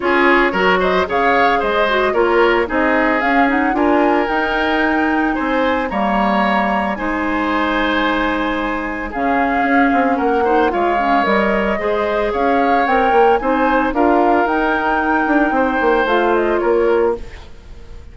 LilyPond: <<
  \new Staff \with { instrumentName = "flute" } { \time 4/4 \tempo 4 = 112 cis''4. dis''8 f''4 dis''4 | cis''4 dis''4 f''8 fis''8 gis''4 | g''2 gis''4 ais''4~ | ais''4 gis''2.~ |
gis''4 f''2 fis''4 | f''4 dis''2 f''4 | g''4 gis''4 f''4 g''4~ | g''2 f''8 dis''8 cis''4 | }
  \new Staff \with { instrumentName = "oboe" } { \time 4/4 gis'4 ais'8 c''8 cis''4 c''4 | ais'4 gis'2 ais'4~ | ais'2 c''4 cis''4~ | cis''4 c''2.~ |
c''4 gis'2 ais'8 c''8 | cis''2 c''4 cis''4~ | cis''4 c''4 ais'2~ | ais'4 c''2 ais'4 | }
  \new Staff \with { instrumentName = "clarinet" } { \time 4/4 f'4 fis'4 gis'4. fis'8 | f'4 dis'4 cis'8 dis'8 f'4 | dis'2. ais4~ | ais4 dis'2.~ |
dis'4 cis'2~ cis'8 dis'8 | f'8 cis'8 ais'4 gis'2 | ais'4 dis'4 f'4 dis'4~ | dis'2 f'2 | }
  \new Staff \with { instrumentName = "bassoon" } { \time 4/4 cis'4 fis4 cis4 gis4 | ais4 c'4 cis'4 d'4 | dis'2 c'4 g4~ | g4 gis2.~ |
gis4 cis4 cis'8 c'8 ais4 | gis4 g4 gis4 cis'4 | c'8 ais8 c'4 d'4 dis'4~ | dis'8 d'8 c'8 ais8 a4 ais4 | }
>>